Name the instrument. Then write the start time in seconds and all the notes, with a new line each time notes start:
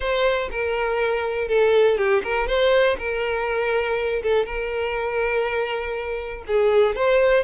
violin
0.00 C5
0.51 A#4
1.47 A4
1.97 G4
2.23 A#4
2.47 C5
2.98 A#4
4.22 A4
4.45 A#4
6.47 G#4
6.95 C5